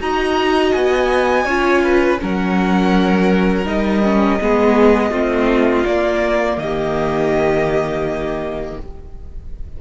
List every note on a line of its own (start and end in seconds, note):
0.00 0.73 D#4
0.00 1.46 F#4
0.00 1.45 D#5
0.00 0.72 A#5
0.72 1.45 B3
0.72 2.18 G#5
1.45 2.18 C#4
1.45 2.19 F4
1.45 1.81 C#5
1.83 2.20 B4
2.19 3.66 F#3
2.19 3.65 C#4
2.19 4.41 A#4
2.19 3.67 F#5
3.65 4.39 G3
3.65 4.02 D#4
3.65 5.86 D#5
4.03 4.40 C#4
4.40 5.10 G#3
4.40 5.12 B3
4.40 5.11 G#4
5.10 5.83 A3
5.10 5.85 C4
5.10 6.57 F4
5.86 6.57 A#3
5.86 8.80 A#3
5.86 6.58 D5
6.57 8.76 D#3
6.57 8.81 G4
6.57 8.78 D#5